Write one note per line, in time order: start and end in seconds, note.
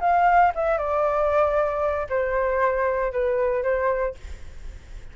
0.00 0.52 F5
0.55 0.77 E5
0.77 2.07 D5
2.09 3.12 C5
3.12 3.63 B4
3.63 4.14 C5